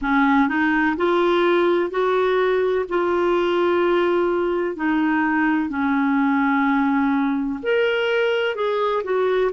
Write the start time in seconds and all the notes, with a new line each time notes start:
0.01 C#4
0.48 D#4
0.97 F4
1.90 F#4
2.88 F4
4.76 D#4
5.69 C#4
7.62 A#4
8.55 G#4
9.03 F#4